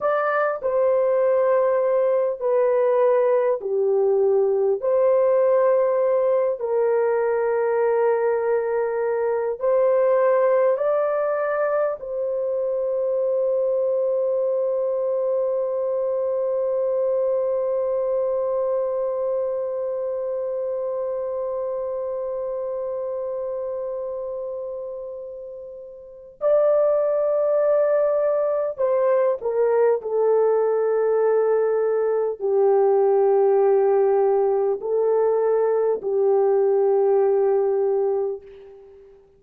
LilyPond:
\new Staff \with { instrumentName = "horn" } { \time 4/4 \tempo 4 = 50 d''8 c''4. b'4 g'4 | c''4. ais'2~ ais'8 | c''4 d''4 c''2~ | c''1~ |
c''1~ | c''2 d''2 | c''8 ais'8 a'2 g'4~ | g'4 a'4 g'2 | }